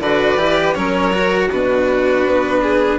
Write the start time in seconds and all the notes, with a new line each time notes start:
0.00 D3 F#4 B4 D5
0.37 E3 G4
0.74 F#3 C#4 A#4 C#5
1.13 F#4
1.48 B2 D4 F#4 B4
2.26 B3
2.63 G#4